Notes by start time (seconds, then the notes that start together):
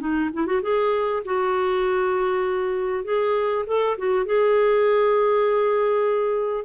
0.00 D#4
0.33 E4
0.46 F#4
0.63 G#4
1.25 F#4
3.04 G#4
3.67 A4
3.98 F#4
4.26 G#4